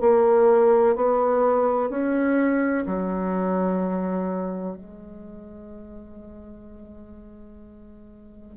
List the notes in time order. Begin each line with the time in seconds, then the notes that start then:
0.00 A#3
0.95 B3
1.90 C#4
2.86 F#3
4.76 G#3